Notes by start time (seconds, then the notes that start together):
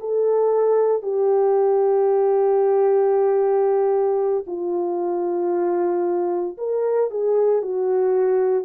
0.00 A4
1.03 G4
4.47 F4
6.58 A#4
7.11 G#4
7.63 F#4